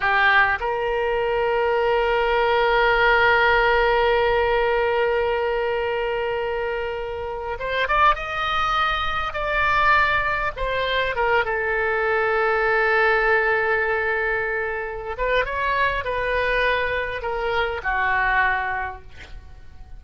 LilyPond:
\new Staff \with { instrumentName = "oboe" } { \time 4/4 \tempo 4 = 101 g'4 ais'2.~ | ais'1~ | ais'1~ | ais'8. c''8 d''8 dis''2 d''16~ |
d''4.~ d''16 c''4 ais'8 a'8.~ | a'1~ | a'4. b'8 cis''4 b'4~ | b'4 ais'4 fis'2 | }